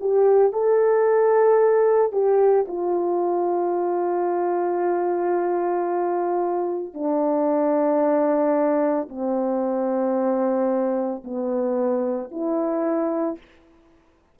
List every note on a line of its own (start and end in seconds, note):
0.00 0.52 G4
0.52 2.12 A4
2.12 2.65 G4
2.68 6.94 F4
6.94 9.08 D4
9.09 11.24 C4
11.24 12.31 B3
12.31 13.38 E4